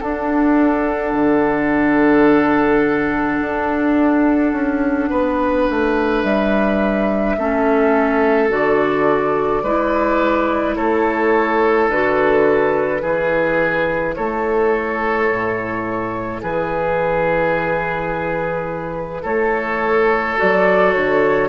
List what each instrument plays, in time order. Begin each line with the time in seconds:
0.00 bassoon D4, clarinet D4, oboe A4, flute F#5
1.13 bassoon D3
3.41 bassoon D4
4.53 bassoon C#4
5.10 bassoon B3, oboe B4
5.70 bassoon A3
6.23 bassoon G3, flute E5
7.38 bassoon A3, clarinet C#4, oboe A4
8.49 bassoon D3, clarinet F#4, flute D5
9.63 bassoon G#3, clarinet E4, oboe B4
10.76 bassoon A3, oboe A4, flute C#5
11.88 bassoon D3, clarinet F#4, flute B4
13.01 bassoon E3, clarinet E4, oboe G#4
14.15 bassoon A3, oboe A4, flute C#5
15.31 bassoon A2
16.42 bassoon E3, oboe G#4, flute B4
19.22 bassoon A3, oboe A4, flute C#5
20.37 bassoon F#3, clarinet F#4, flute D5
20.93 bassoon D3, flute C#5